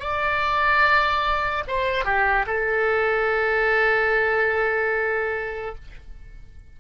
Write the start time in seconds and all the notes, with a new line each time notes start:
0.00 D5
1.68 C5
2.05 G4
2.47 A4